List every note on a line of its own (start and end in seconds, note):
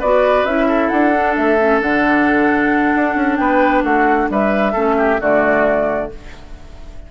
0.00 0.44 B3
0.00 0.48 F#4
0.00 0.68 B4
0.00 0.45 D5
0.44 0.89 C#4
0.44 1.14 E4
0.44 0.89 E5
0.68 3.39 A4
0.89 1.37 D4
0.89 1.34 F#5
1.14 1.59 D4
1.36 1.82 A3
1.36 1.81 E5
1.59 1.81 C#4
1.81 2.95 D3
1.81 4.74 D4
1.81 3.37 F#5
2.96 3.16 D4
3.16 3.38 C#4
3.37 3.84 B3
3.37 3.84 B4
3.37 3.82 G5
3.84 4.29 A3
3.84 4.29 F#4
3.84 4.29 F#5
4.30 4.75 G3
4.30 4.73 B4
4.30 5.21 E5
4.73 5.20 A3
4.73 5.20 C#4
4.73 4.95 A4
4.98 5.20 G4
5.20 6.11 D3
5.20 6.10 A3
5.20 6.11 F#4
5.20 6.12 D5